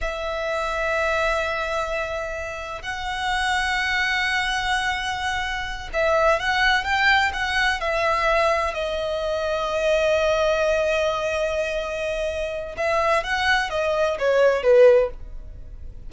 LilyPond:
\new Staff \with { instrumentName = "violin" } { \time 4/4 \tempo 4 = 127 e''1~ | e''2 fis''2~ | fis''1~ | fis''8 e''4 fis''4 g''4 fis''8~ |
fis''8 e''2 dis''4.~ | dis''1~ | dis''2. e''4 | fis''4 dis''4 cis''4 b'4 | }